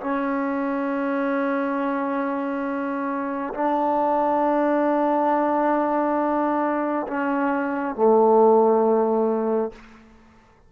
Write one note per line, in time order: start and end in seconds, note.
0.00 3.53 C#4
3.53 7.06 D4
7.07 7.95 C#4
7.95 9.72 A3